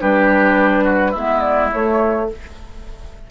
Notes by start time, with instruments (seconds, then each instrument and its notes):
0.00 bassoon G3, clarinet D4, oboe G4, flute B4
0.84 oboe F#4
1.11 bassoon G#3, clarinet B3, oboe E4, flute E5
1.40 flute D5
1.72 clarinet A3, bassoon A3, flute C#5